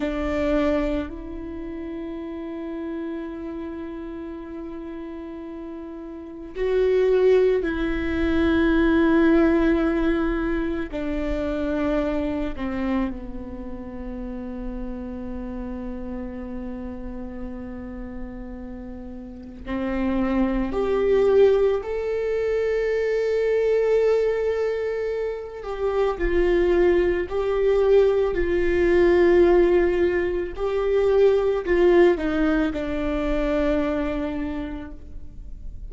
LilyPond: \new Staff \with { instrumentName = "viola" } { \time 4/4 \tempo 4 = 55 d'4 e'2.~ | e'2 fis'4 e'4~ | e'2 d'4. c'8 | b1~ |
b2 c'4 g'4 | a'2.~ a'8 g'8 | f'4 g'4 f'2 | g'4 f'8 dis'8 d'2 | }